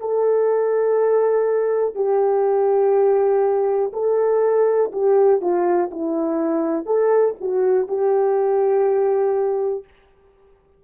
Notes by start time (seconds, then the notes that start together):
0.00 A4
1.95 G4
3.93 A4
4.92 G4
5.41 F4
5.92 E4
6.86 A4
7.41 F#4
7.88 G4